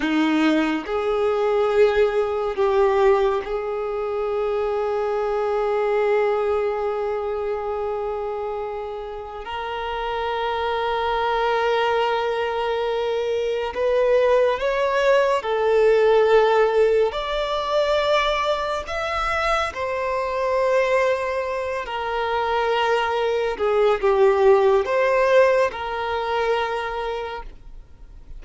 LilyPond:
\new Staff \with { instrumentName = "violin" } { \time 4/4 \tempo 4 = 70 dis'4 gis'2 g'4 | gis'1~ | gis'2. ais'4~ | ais'1 |
b'4 cis''4 a'2 | d''2 e''4 c''4~ | c''4. ais'2 gis'8 | g'4 c''4 ais'2 | }